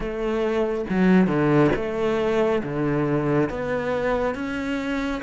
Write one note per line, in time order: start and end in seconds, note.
0.00 0.85 A3
0.89 1.26 F#3
1.26 1.70 D3
1.75 2.62 A3
2.63 3.49 D3
3.49 4.34 B3
4.34 5.21 C#4